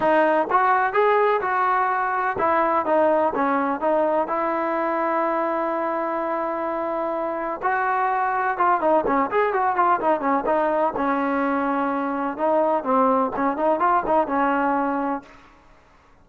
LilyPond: \new Staff \with { instrumentName = "trombone" } { \time 4/4 \tempo 4 = 126 dis'4 fis'4 gis'4 fis'4~ | fis'4 e'4 dis'4 cis'4 | dis'4 e'2.~ | e'1 |
fis'2 f'8 dis'8 cis'8 gis'8 | fis'8 f'8 dis'8 cis'8 dis'4 cis'4~ | cis'2 dis'4 c'4 | cis'8 dis'8 f'8 dis'8 cis'2 | }